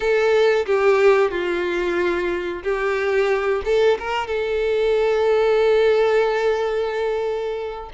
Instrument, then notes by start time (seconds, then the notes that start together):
violin
0.00 A4
0.66 G4
1.30 F4
2.63 G4
3.64 A4
3.99 A#4
4.27 A4